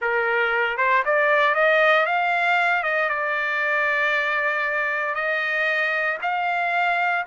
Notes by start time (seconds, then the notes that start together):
0.01 A#4
0.77 C5
1.05 D5
1.54 D#5
2.05 F5
2.83 D#5
3.09 D5
5.14 D#5
6.22 F5